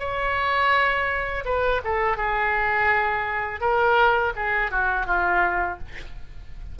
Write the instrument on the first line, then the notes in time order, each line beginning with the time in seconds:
oboe
0.00 C#5
1.45 B4
1.85 A4
2.17 G#4
3.61 A#4
4.36 G#4
4.72 F#4
5.07 F4